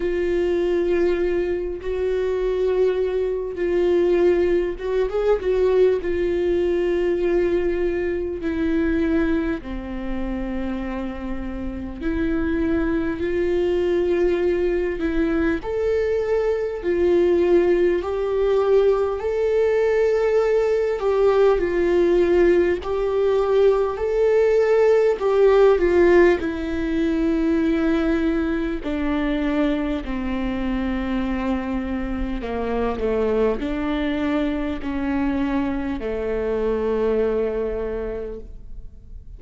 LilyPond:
\new Staff \with { instrumentName = "viola" } { \time 4/4 \tempo 4 = 50 f'4. fis'4. f'4 | fis'16 gis'16 fis'8 f'2 e'4 | c'2 e'4 f'4~ | f'8 e'8 a'4 f'4 g'4 |
a'4. g'8 f'4 g'4 | a'4 g'8 f'8 e'2 | d'4 c'2 ais8 a8 | d'4 cis'4 a2 | }